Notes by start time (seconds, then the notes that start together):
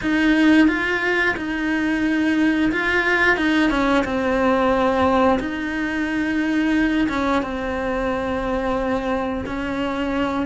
0.01 D#4
0.67 F4
1.36 D#4
2.72 F4
3.36 D#4
3.70 C#4
4.04 C4
5.39 D#4
7.08 C#4
7.42 C4
9.46 C#4